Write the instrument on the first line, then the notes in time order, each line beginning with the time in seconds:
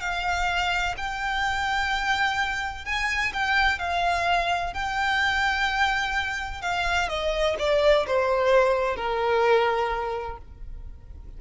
violin
0.00 F5
0.97 G5
2.85 G#5
3.33 G5
3.79 F5
4.73 G5
6.61 F5
7.09 D#5
7.58 D5
8.07 C5
8.96 A#4